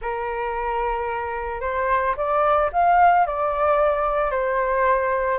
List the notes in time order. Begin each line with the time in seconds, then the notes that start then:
0.01 A#4
1.61 C5
2.16 D5
2.72 F5
3.26 D5
4.30 C5